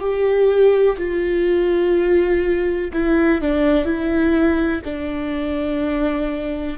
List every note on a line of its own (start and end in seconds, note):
0.00 0.97 G4
0.99 2.92 F4
2.93 3.42 E4
3.42 3.85 D4
3.85 4.82 E4
4.85 6.78 D4